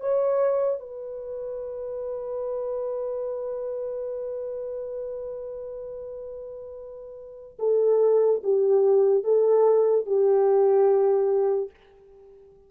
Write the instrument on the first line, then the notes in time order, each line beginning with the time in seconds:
horn
0.00 C#5
0.80 B4
7.59 A4
8.43 G4
9.24 A4
10.06 G4